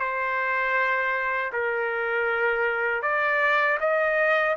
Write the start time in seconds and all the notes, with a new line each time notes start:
0.00 C5
1.53 A#4
3.02 D5
3.81 D#5